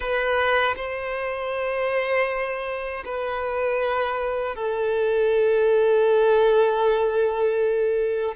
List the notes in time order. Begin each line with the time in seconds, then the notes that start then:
0.00 B4
0.76 C5
3.05 B4
4.55 A4